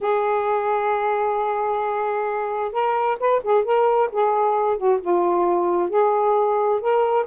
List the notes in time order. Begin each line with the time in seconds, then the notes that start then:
0.00 G#4
2.72 A#4
3.19 B4
3.43 G#4
3.64 A#4
4.12 G#4
4.77 F#4
5.01 F4
5.89 G#4
6.80 A#4